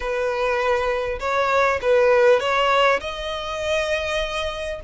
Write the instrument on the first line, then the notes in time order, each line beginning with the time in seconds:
violin
0.00 B4
1.19 C#5
1.81 B4
2.40 C#5
3.00 D#5